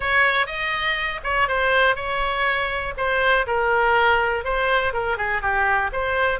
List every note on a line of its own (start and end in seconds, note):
0.00 0.46 C#5
0.46 1.20 D#5
1.23 1.48 C#5
1.48 1.95 C5
1.95 2.94 C#5
2.97 3.46 C5
3.46 4.44 A#4
4.44 4.93 C5
4.93 5.17 A#4
5.17 5.41 G#4
5.41 5.90 G4
5.92 6.39 C5